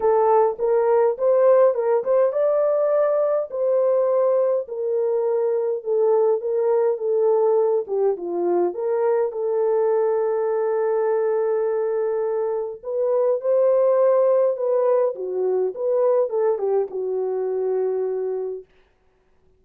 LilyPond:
\new Staff \with { instrumentName = "horn" } { \time 4/4 \tempo 4 = 103 a'4 ais'4 c''4 ais'8 c''8 | d''2 c''2 | ais'2 a'4 ais'4 | a'4. g'8 f'4 ais'4 |
a'1~ | a'2 b'4 c''4~ | c''4 b'4 fis'4 b'4 | a'8 g'8 fis'2. | }